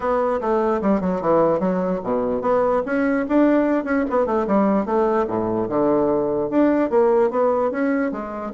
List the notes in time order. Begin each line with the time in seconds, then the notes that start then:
0.00 B3
0.40 A3
0.81 G3
1.00 F#3
1.21 E3
1.59 F#3
2.03 B2
2.41 B3
2.85 C#4
3.28 D4
3.84 C#4
4.10 B3
4.26 A3
4.47 G3
4.85 A3
5.27 A2
5.68 D3
6.50 D4
6.90 A#3
7.30 B3
7.71 C#4
8.11 G#3